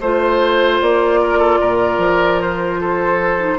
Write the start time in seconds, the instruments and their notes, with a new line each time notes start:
0.00 bassoon A3, clarinet F4, oboe C5, flute C5
0.81 bassoon A#3, flute D5
1.21 oboe A#4
1.38 oboe A4
1.60 bassoon A#2, oboe A#4
1.98 bassoon F3
2.41 flute C5
2.80 oboe A4
3.39 clarinet D#4